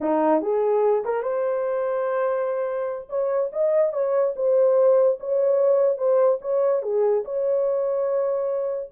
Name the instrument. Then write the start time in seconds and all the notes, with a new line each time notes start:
horn
0.00 D#4
0.41 G#4
1.04 A#4
1.22 C5
3.09 C#5
3.52 D#5
3.92 C#5
4.36 C5
5.20 C#5
5.97 C5
6.41 C#5
6.82 G#4
7.24 C#5